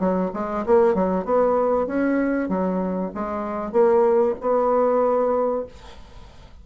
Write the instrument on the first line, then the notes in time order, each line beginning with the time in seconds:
bassoon
0.00 F#3
0.34 G#3
0.66 A#3
0.95 F#3
1.25 B3
1.87 C#4
2.49 F#3
3.15 G#3
3.72 A#3
4.41 B3